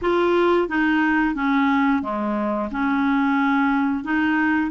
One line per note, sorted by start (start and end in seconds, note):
0.01 0.68 F4
0.68 1.35 D#4
1.35 2.02 C#4
2.02 2.69 G#3
2.71 4.04 C#4
4.04 4.70 D#4